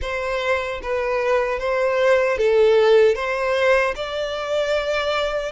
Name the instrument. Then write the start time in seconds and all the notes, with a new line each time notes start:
violin
0.01 C5
0.82 B4
1.59 C5
2.37 A4
3.15 C5
3.95 D5